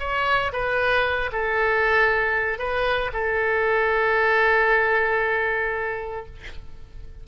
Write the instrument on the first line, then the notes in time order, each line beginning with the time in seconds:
oboe
0.00 C#5
0.53 B4
1.32 A4
2.59 B4
3.13 A4